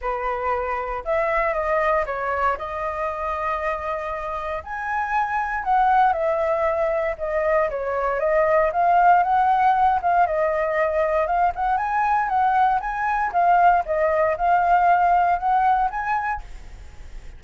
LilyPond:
\new Staff \with { instrumentName = "flute" } { \time 4/4 \tempo 4 = 117 b'2 e''4 dis''4 | cis''4 dis''2.~ | dis''4 gis''2 fis''4 | e''2 dis''4 cis''4 |
dis''4 f''4 fis''4. f''8 | dis''2 f''8 fis''8 gis''4 | fis''4 gis''4 f''4 dis''4 | f''2 fis''4 gis''4 | }